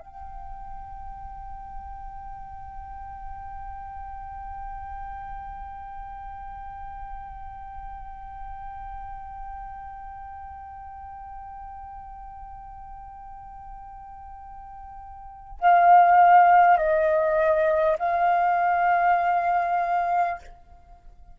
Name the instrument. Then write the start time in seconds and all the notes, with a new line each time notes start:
flute
0.00 G5
15.61 F5
16.78 D#5
17.99 F5